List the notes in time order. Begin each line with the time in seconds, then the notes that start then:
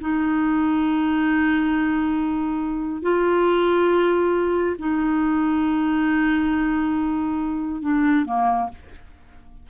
0.00 D#4
3.02 F4
4.78 D#4
7.81 D4
8.25 A#3